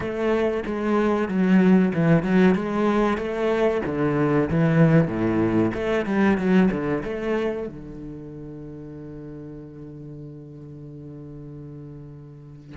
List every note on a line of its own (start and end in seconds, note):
0.00 0.63 A3
0.66 1.28 G#3
1.28 1.92 F#3
1.94 2.23 E3
2.23 2.54 F#3
2.54 3.17 G#3
3.17 3.81 A3
3.85 4.49 D3
4.50 5.07 E3
5.07 5.71 A2
5.73 6.05 A3
6.05 6.37 G3
6.37 6.69 F#3
6.71 7.02 D3
7.03 7.67 A3
7.67 12.76 D3